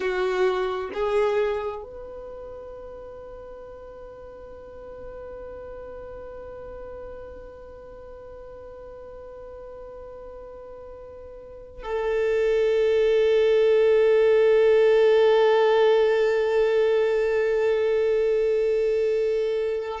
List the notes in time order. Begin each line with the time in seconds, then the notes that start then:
0.00 F#4
0.93 G#4
1.83 B4
11.82 A4